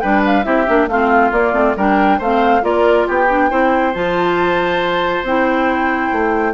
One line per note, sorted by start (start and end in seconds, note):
0.00 0.45 G3
0.00 0.43 D4
0.00 0.45 B4
0.00 0.22 G5
0.26 0.44 F5
0.43 0.67 C4
0.43 0.65 E4
0.43 0.89 G4
0.43 0.87 E5
0.67 0.87 A#3
0.67 0.88 D4
0.87 1.31 A3
0.87 1.33 C4
0.87 1.77 F4
0.87 1.32 F5
1.32 1.53 A#3
1.32 1.76 D5
1.53 1.74 A3
1.53 1.75 C4
1.76 2.19 G3
1.76 2.21 D4
1.76 2.18 A#4
1.76 2.21 G5
2.18 2.63 A3
2.18 2.61 C4
2.18 2.62 C5
2.18 2.64 F5
2.61 3.06 A#3
2.61 3.26 F4
2.61 3.07 A#4
2.61 3.07 D5
3.07 3.51 B3
3.07 3.50 G4
3.07 3.94 G5
3.29 3.50 D4
3.50 3.95 C4
3.50 3.93 E4
3.50 6.53 C5
3.94 5.23 F3
3.94 5.25 F4
3.94 5.25 A5
5.23 6.10 C4
5.23 6.53 E4
5.23 6.53 G5
6.12 6.53 A3